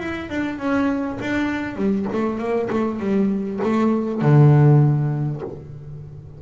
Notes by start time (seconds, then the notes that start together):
0.00 E4
0.30 D4
0.59 C#4
1.21 D4
1.76 G3
2.13 A3
2.39 A#3
2.71 A3
3.00 G3
3.63 A3
4.22 D3